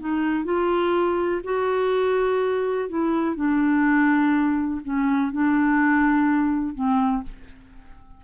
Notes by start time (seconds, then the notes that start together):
0.00 D#4
0.45 F4
1.44 F#4
2.89 E4
3.36 D4
4.84 C#4
5.32 D4
6.75 C4